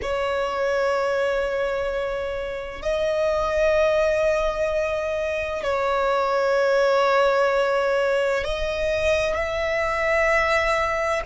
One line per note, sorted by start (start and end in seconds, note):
0.02 2.82 C#5
2.82 5.62 D#5
5.62 8.44 C#5
8.44 9.35 D#5
9.35 11.22 E5